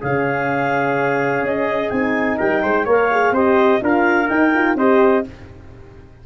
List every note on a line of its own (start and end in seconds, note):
0.00 1.43 C#3
0.00 1.90 C#4
0.00 2.38 G#4
0.00 1.46 F5
1.43 1.91 C#4
1.43 1.90 D#5
1.90 2.39 C4
1.90 2.87 D#4
1.90 2.38 G#5
2.38 2.64 G3
2.38 2.61 A#4
2.38 2.87 G5
2.62 2.86 G#3
2.62 2.85 C5
2.85 3.31 A#3
2.85 3.10 A#4
2.85 3.32 C#5
2.92 3.36 F5
3.12 3.35 G#4
3.31 3.79 C4
3.31 3.82 G4
3.31 3.81 C5
3.31 3.83 D#5
3.82 4.30 D4
3.82 4.27 F4
3.82 4.78 A#4
3.82 4.29 F5
4.27 4.51 D#4
4.27 4.75 D#4
4.27 4.76 G5
4.55 4.78 F4
4.75 5.23 C4
4.75 5.26 G4
4.75 5.26 C5
4.75 5.24 D#5